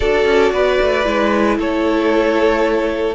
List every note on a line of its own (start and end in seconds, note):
0.00 0.25 D4
0.00 1.04 F#4
0.00 0.52 A4
0.00 1.58 D5
0.25 0.51 C#4
0.52 0.78 B3
0.52 1.58 B4
0.81 1.06 A3
1.04 1.57 G#3
1.04 3.14 E4
1.57 3.14 A3
1.57 3.14 A4
1.57 3.14 C#5